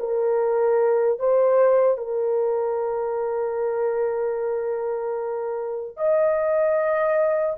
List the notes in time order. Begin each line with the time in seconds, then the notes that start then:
0.00 A#4
1.19 C5
1.97 A#4
5.97 D#5